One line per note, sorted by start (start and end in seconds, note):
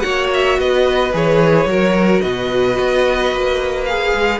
0.00 0.58 A#3
0.00 1.10 F#4
0.00 0.59 C#5
0.00 0.27 F#5
0.34 0.60 E5
0.58 1.13 B3
0.58 1.69 B4
0.58 1.14 D#5
1.13 1.66 E3
1.13 1.67 G#4
1.13 2.21 C#5
1.66 2.20 F#3
1.66 3.86 F#4
1.66 2.22 A#4
2.21 2.78 B2
2.21 4.40 B4
2.21 3.85 D#5
2.79 3.32 B3
3.32 4.13 A#3
3.85 4.40 G#4
3.85 4.40 F5
4.15 4.40 G#3